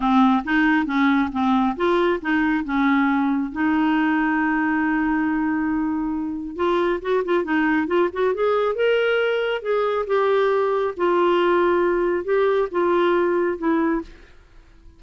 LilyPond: \new Staff \with { instrumentName = "clarinet" } { \time 4/4 \tempo 4 = 137 c'4 dis'4 cis'4 c'4 | f'4 dis'4 cis'2 | dis'1~ | dis'2. f'4 |
fis'8 f'8 dis'4 f'8 fis'8 gis'4 | ais'2 gis'4 g'4~ | g'4 f'2. | g'4 f'2 e'4 | }